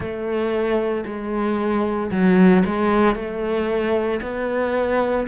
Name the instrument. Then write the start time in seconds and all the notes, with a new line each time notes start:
cello
0.00 A3
1.05 G#3
2.11 F#3
2.65 G#3
3.15 A3
4.22 B3